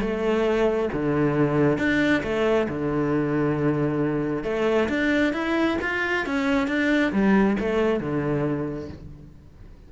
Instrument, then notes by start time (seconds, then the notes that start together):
cello
0.00 A3
0.93 D3
1.78 D4
2.23 A3
2.68 D3
4.43 A3
4.89 D4
5.33 E4
5.81 F4
6.26 C#4
6.67 D4
7.12 G3
7.59 A3
8.00 D3